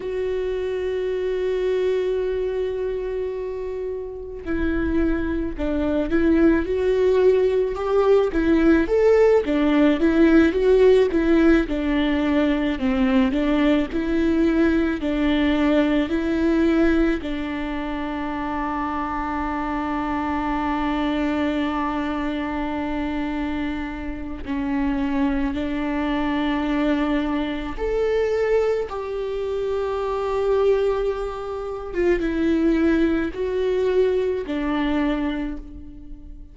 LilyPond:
\new Staff \with { instrumentName = "viola" } { \time 4/4 \tempo 4 = 54 fis'1 | e'4 d'8 e'8 fis'4 g'8 e'8 | a'8 d'8 e'8 fis'8 e'8 d'4 c'8 | d'8 e'4 d'4 e'4 d'8~ |
d'1~ | d'2 cis'4 d'4~ | d'4 a'4 g'2~ | g'8. f'16 e'4 fis'4 d'4 | }